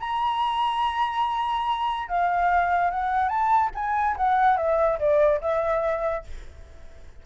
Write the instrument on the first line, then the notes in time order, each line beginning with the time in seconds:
flute
0.00 A#5
2.09 F5
2.91 F#5
3.29 A5
3.75 G#5
4.17 F#5
4.57 E5
4.99 D5
5.41 E5